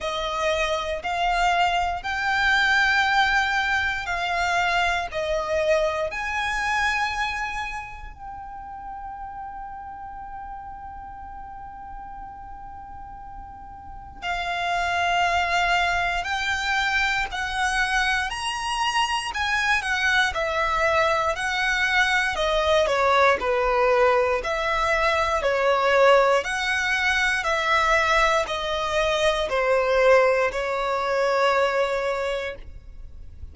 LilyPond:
\new Staff \with { instrumentName = "violin" } { \time 4/4 \tempo 4 = 59 dis''4 f''4 g''2 | f''4 dis''4 gis''2 | g''1~ | g''2 f''2 |
g''4 fis''4 ais''4 gis''8 fis''8 | e''4 fis''4 dis''8 cis''8 b'4 | e''4 cis''4 fis''4 e''4 | dis''4 c''4 cis''2 | }